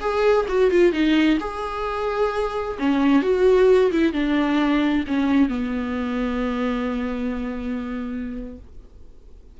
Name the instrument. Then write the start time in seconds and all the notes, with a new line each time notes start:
viola
0.00 G#4
0.48 F#4
0.71 F4
0.92 D#4
1.40 G#4
2.79 C#4
3.22 F#4
3.91 E4
4.13 D4
5.07 C#4
5.49 B3